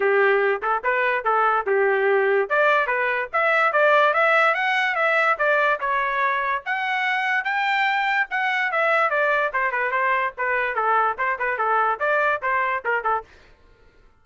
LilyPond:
\new Staff \with { instrumentName = "trumpet" } { \time 4/4 \tempo 4 = 145 g'4. a'8 b'4 a'4 | g'2 d''4 b'4 | e''4 d''4 e''4 fis''4 | e''4 d''4 cis''2 |
fis''2 g''2 | fis''4 e''4 d''4 c''8 b'8 | c''4 b'4 a'4 c''8 b'8 | a'4 d''4 c''4 ais'8 a'8 | }